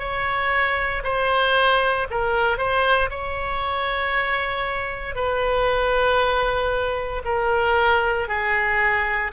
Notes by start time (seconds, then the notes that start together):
0.00 C#5
1.04 C5
2.11 A#4
2.58 C5
3.10 C#5
5.16 B4
7.25 A#4
8.29 G#4